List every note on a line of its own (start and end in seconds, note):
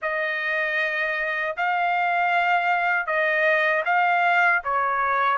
0.02 1.56 D#5
1.56 3.06 F5
3.06 3.83 D#5
3.85 4.62 F5
4.64 5.37 C#5